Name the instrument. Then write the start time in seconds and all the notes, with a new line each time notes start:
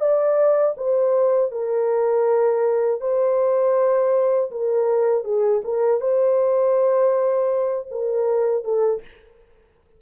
horn
0.00 D5
0.77 C5
1.51 A#4
3.01 C5
4.51 A#4
5.24 G#4
5.64 A#4
6.01 C5
7.91 A#4
8.64 A4